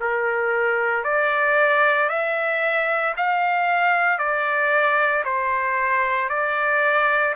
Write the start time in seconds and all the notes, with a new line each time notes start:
0.00 A#4
1.03 D5
2.09 E5
3.17 F5
4.18 D5
5.24 C5
6.29 D5